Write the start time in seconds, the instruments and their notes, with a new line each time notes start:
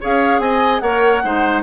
0.00 bassoon C#4, clarinet G#4, oboe C#5, flute F5
0.39 bassoon C4, oboe D#5, flute G#5
0.79 bassoon A#3, clarinet A#4, oboe C#5, flute F#5
1.24 bassoon G#3, clarinet D#4, oboe C5